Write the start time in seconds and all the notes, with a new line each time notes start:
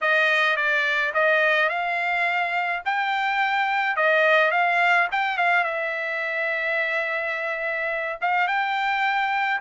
0.01 D#5
0.56 D5
1.13 D#5
1.69 F5
2.85 G5
3.96 D#5
4.51 F5
5.11 G5
5.37 F5
5.64 E5
8.21 F5
8.47 G5